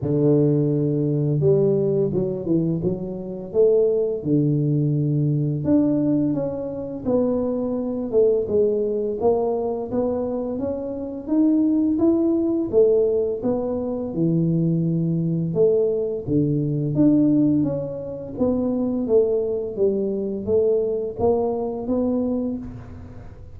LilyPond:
\new Staff \with { instrumentName = "tuba" } { \time 4/4 \tempo 4 = 85 d2 g4 fis8 e8 | fis4 a4 d2 | d'4 cis'4 b4. a8 | gis4 ais4 b4 cis'4 |
dis'4 e'4 a4 b4 | e2 a4 d4 | d'4 cis'4 b4 a4 | g4 a4 ais4 b4 | }